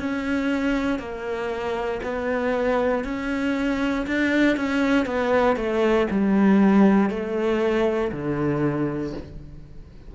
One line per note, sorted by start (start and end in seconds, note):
0.00 0.99 C#4
0.99 2.01 A#3
2.03 3.05 B3
3.05 4.06 C#4
4.07 4.57 D4
4.57 5.06 C#4
5.06 5.57 B3
5.57 6.07 A3
6.11 7.10 G3
7.10 8.12 A3
8.12 9.14 D3